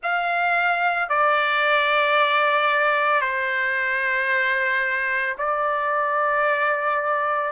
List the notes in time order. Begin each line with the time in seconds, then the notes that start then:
0.02 F5
1.09 D5
3.21 C5
5.38 D5